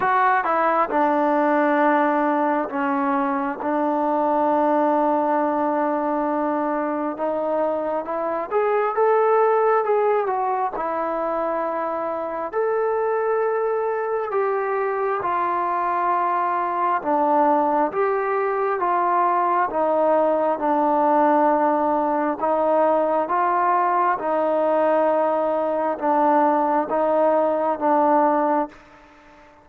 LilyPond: \new Staff \with { instrumentName = "trombone" } { \time 4/4 \tempo 4 = 67 fis'8 e'8 d'2 cis'4 | d'1 | dis'4 e'8 gis'8 a'4 gis'8 fis'8 | e'2 a'2 |
g'4 f'2 d'4 | g'4 f'4 dis'4 d'4~ | d'4 dis'4 f'4 dis'4~ | dis'4 d'4 dis'4 d'4 | }